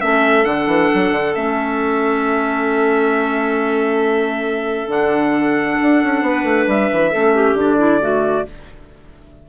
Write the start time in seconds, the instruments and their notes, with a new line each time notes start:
0.00 bassoon A3, clarinet C#4 A4, trumpet E5
0.44 bassoon D3, clarinet D4, trumpet F#5
0.67 bassoon E3
0.95 bassoon F#3
1.12 bassoon D3
1.36 bassoon A3, clarinet C#4, trumpet E5
4.88 bassoon D3, clarinet D4, trumpet F#5
5.82 bassoon D4
6.04 bassoon C#4
6.22 bassoon B3, clarinet B4
6.44 bassoon A3
6.67 bassoon G3, trumpet E5
6.93 bassoon E3
7.12 bassoon A3, clarinet C#4 A4
7.35 clarinet G4
7.53 bassoon D3, clarinet D4
7.61 trumpet D5
7.78 clarinet E4
8.01 clarinet A3 F#4